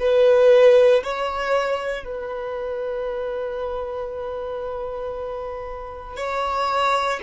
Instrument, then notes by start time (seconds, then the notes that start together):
violin
0.00 B4
1.04 C#5
2.05 B4
6.17 C#5